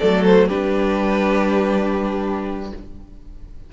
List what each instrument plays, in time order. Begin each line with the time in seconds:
0.00 cello F#3, viola A3, violin A4 D5
0.25 violin C5
0.48 cello G3, viola D4, violin G4 B4